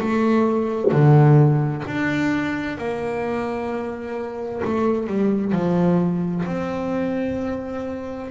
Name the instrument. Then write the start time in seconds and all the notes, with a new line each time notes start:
double bass
0.00 A3
0.92 D3
1.88 D4
2.78 A#3
4.65 A3
5.07 G3
5.53 F3
6.46 C4